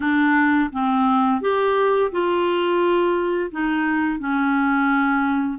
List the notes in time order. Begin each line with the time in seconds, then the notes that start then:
0.00 D4
0.72 C4
1.41 G4
2.11 F4
3.51 D#4
4.19 C#4